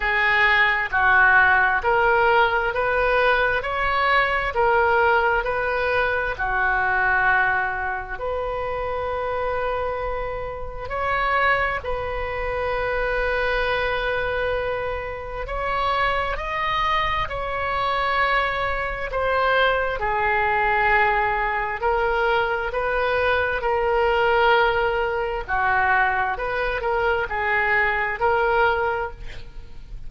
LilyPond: \new Staff \with { instrumentName = "oboe" } { \time 4/4 \tempo 4 = 66 gis'4 fis'4 ais'4 b'4 | cis''4 ais'4 b'4 fis'4~ | fis'4 b'2. | cis''4 b'2.~ |
b'4 cis''4 dis''4 cis''4~ | cis''4 c''4 gis'2 | ais'4 b'4 ais'2 | fis'4 b'8 ais'8 gis'4 ais'4 | }